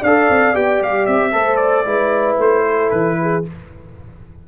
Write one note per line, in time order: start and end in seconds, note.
0.00 0.29 D4
0.00 1.32 D5
0.00 0.56 F5
0.06 0.54 A4
0.29 0.55 C4
0.54 0.81 B3
0.54 1.32 G4
0.54 0.82 G5
0.81 1.07 G3
0.81 1.06 F5
1.06 1.34 C4
1.06 1.57 E5
1.32 1.86 A3
1.32 1.85 A4
1.32 1.86 C5
1.57 2.36 D5
1.86 2.38 G#3
1.86 3.43 E4
1.86 2.65 B4
2.39 2.91 A3
2.39 2.91 C5
2.66 3.18 A4
2.91 3.45 E3
2.91 3.43 B4
3.21 3.48 G#4